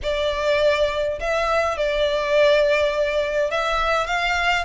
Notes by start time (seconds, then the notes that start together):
0.02 D5
1.19 E5
1.77 D5
3.50 E5
4.06 F5